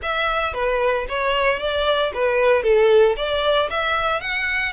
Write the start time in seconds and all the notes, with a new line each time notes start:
0.02 E5
0.53 B4
1.08 C#5
1.59 D5
2.13 B4
2.62 A4
3.16 D5
3.69 E5
4.20 F#5